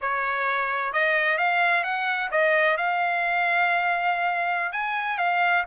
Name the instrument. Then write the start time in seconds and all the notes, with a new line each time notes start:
trumpet
0.01 C#5
0.92 D#5
1.38 F5
1.83 F#5
2.31 D#5
2.77 F5
4.72 G#5
5.18 F5